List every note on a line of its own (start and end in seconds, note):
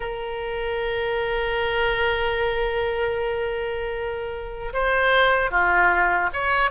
0.00 4.72 A#4
4.73 5.50 C5
5.50 6.29 F4
6.33 6.70 C#5